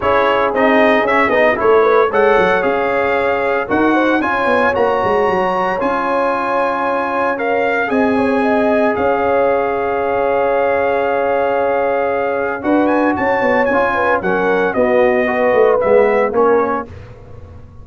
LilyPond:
<<
  \new Staff \with { instrumentName = "trumpet" } { \time 4/4 \tempo 4 = 114 cis''4 dis''4 e''8 dis''8 cis''4 | fis''4 f''2 fis''4 | gis''4 ais''2 gis''4~ | gis''2 f''4 gis''4~ |
gis''4 f''2.~ | f''1 | fis''8 gis''8 a''4 gis''4 fis''4 | dis''2 e''4 cis''4 | }
  \new Staff \with { instrumentName = "horn" } { \time 4/4 gis'2. a'8 b'8 | cis''2. ais'8 c''8 | cis''1~ | cis''2. dis''8 cis''8 |
dis''4 cis''2.~ | cis''1 | b'4 cis''4. b'8 ais'4 | fis'4 b'2 ais'4 | }
  \new Staff \with { instrumentName = "trombone" } { \time 4/4 e'4 dis'4 cis'8 dis'8 e'4 | a'4 gis'2 fis'4 | f'4 fis'2 f'4~ | f'2 ais'4 gis'4~ |
gis'1~ | gis'1 | fis'2 f'4 cis'4 | b4 fis'4 b4 cis'4 | }
  \new Staff \with { instrumentName = "tuba" } { \time 4/4 cis'4 c'4 cis'8 b8 a4 | gis8 fis8 cis'2 dis'4 | cis'8 b8 ais8 gis8 fis4 cis'4~ | cis'2. c'4~ |
c'4 cis'2.~ | cis'1 | d'4 cis'8 b8 cis'4 fis4 | b4. a8 gis4 ais4 | }
>>